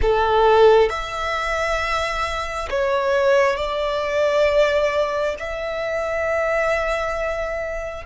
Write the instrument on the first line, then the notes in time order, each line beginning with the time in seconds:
violin
0.01 A4
0.89 E5
2.70 C#5
3.56 D5
5.39 E5